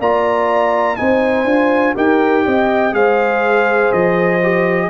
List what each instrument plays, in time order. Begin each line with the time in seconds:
0.00 tuba A#3, trombone F4, horn D5, trumpet A#5
0.97 tuba C4, trombone D#4, horn C5, trumpet G#5
1.45 tuba D4, trombone F4
1.96 tuba D#4, trombone G4, horn A#4, trumpet G5
2.45 tuba C4, horn D#5
2.92 tuba G#3, trombone G#4, horn C5, trumpet F5
3.93 tuba F3, trumpet D#5
4.43 trombone G4